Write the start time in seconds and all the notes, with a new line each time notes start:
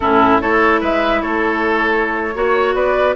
0.00 A2 C#4 E4 A4
0.40 A3 E4 A4 C#5
0.80 G#3 B4 E5
1.21 A3 A4 C#5
2.34 A#3 F#4 C#5
2.74 B3 B4 D5